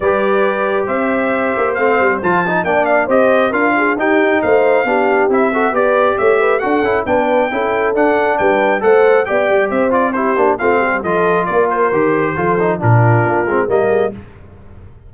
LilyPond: <<
  \new Staff \with { instrumentName = "trumpet" } { \time 4/4 \tempo 4 = 136 d''2 e''2 | f''4 a''4 g''8 f''8 dis''4 | f''4 g''4 f''2 | e''4 d''4 e''4 fis''4 |
g''2 fis''4 g''4 | fis''4 g''4 e''8 d''8 c''4 | f''4 dis''4 d''8 c''4.~ | c''4 ais'2 dis''4 | }
  \new Staff \with { instrumentName = "horn" } { \time 4/4 b'2 c''2~ | c''2 d''4 c''4 | ais'8 gis'8 g'4 c''4 g'4~ | g'8 a'8 b'4 cis''8 b'8 a'4 |
b'4 a'2 b'4 | c''4 d''4 c''4 g'4 | f'8 g'8 a'4 ais'2 | a'4 f'2 ais'8 gis'8 | }
  \new Staff \with { instrumentName = "trombone" } { \time 4/4 g'1 | c'4 f'8 dis'8 d'4 g'4 | f'4 dis'2 d'4 | e'8 fis'8 g'2 fis'8 e'8 |
d'4 e'4 d'2 | a'4 g'4. f'8 e'8 d'8 | c'4 f'2 g'4 | f'8 dis'8 d'4. c'8 ais4 | }
  \new Staff \with { instrumentName = "tuba" } { \time 4/4 g2 c'4. ais8 | a8 g8 f4 ais4 c'4 | d'4 dis'4 a4 b4 | c'4 b4 a4 d'8 cis'8 |
b4 cis'4 d'4 g4 | a4 b8 g8 c'4. ais8 | a8 g8 f4 ais4 dis4 | f4 ais,4 ais8 gis8 g4 | }
>>